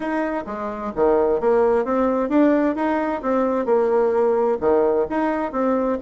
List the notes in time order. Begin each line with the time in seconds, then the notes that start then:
0.00 D#4
0.46 G#3
0.95 D#3
1.40 A#3
1.84 C4
2.29 D4
2.75 D#4
3.22 C4
3.65 A#3
4.60 D#3
5.09 D#4
5.52 C4